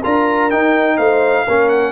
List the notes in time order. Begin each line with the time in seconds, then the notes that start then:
0.00 D4 F4 A#4 A#5
0.50 D#4 G5
0.96 A3 C5 F5
1.46 A#3 C#4 A#4
1.69 F#5